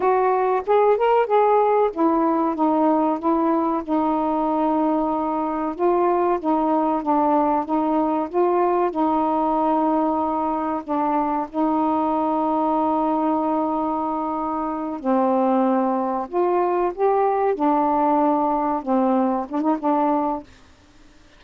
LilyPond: \new Staff \with { instrumentName = "saxophone" } { \time 4/4 \tempo 4 = 94 fis'4 gis'8 ais'8 gis'4 e'4 | dis'4 e'4 dis'2~ | dis'4 f'4 dis'4 d'4 | dis'4 f'4 dis'2~ |
dis'4 d'4 dis'2~ | dis'2.~ dis'8 c'8~ | c'4. f'4 g'4 d'8~ | d'4. c'4 d'16 dis'16 d'4 | }